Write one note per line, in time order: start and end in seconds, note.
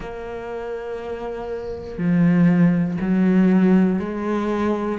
0.00 1.98 A#3
1.98 2.98 F3
3.00 3.99 F#3
3.99 4.99 G#3